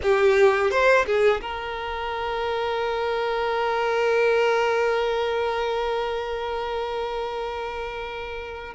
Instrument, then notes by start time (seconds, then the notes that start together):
violin
0.02 G4
0.70 C5
1.06 G#4
1.41 A#4